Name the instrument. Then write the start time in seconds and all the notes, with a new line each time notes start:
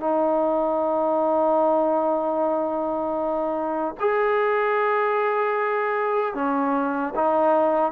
trombone
0.00 D#4
4.00 G#4
6.34 C#4
7.16 D#4